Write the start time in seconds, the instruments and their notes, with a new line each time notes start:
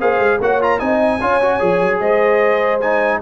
0.00 tuba A#3, trombone G#4, horn C5, trumpet F5
0.19 tuba G#3
0.40 tuba A#3, trombone F#4, horn C#5, trumpet F#5
0.61 trombone F4, trumpet A#5
0.79 tuba C4, trombone D#4, horn D#5, trumpet G#5
1.21 tuba C#4, trombone F4, horn C#5
1.42 trombone F#4
1.59 tuba F3, trombone G#4
1.81 tuba F#3
2.00 tuba G#3, horn C5, trumpet D#5
2.80 trombone D#4, trumpet G#5